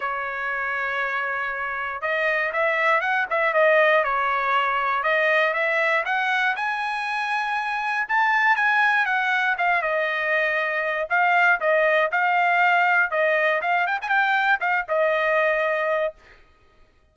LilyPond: \new Staff \with { instrumentName = "trumpet" } { \time 4/4 \tempo 4 = 119 cis''1 | dis''4 e''4 fis''8 e''8 dis''4 | cis''2 dis''4 e''4 | fis''4 gis''2. |
a''4 gis''4 fis''4 f''8 dis''8~ | dis''2 f''4 dis''4 | f''2 dis''4 f''8 g''16 gis''16 | g''4 f''8 dis''2~ dis''8 | }